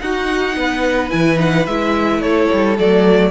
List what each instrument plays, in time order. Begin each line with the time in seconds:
0.00 cello D#4, viola D#4, violin F#4 F#5
0.56 cello B3, violin B4
1.11 cello E3, viola E4, violin G#5
1.37 viola D#4, violin F#5
1.67 cello G#3, viola E4, violin E5
2.19 cello A3, violin A4 C#5
2.53 cello G3
2.78 cello F#3, viola A3, violin D5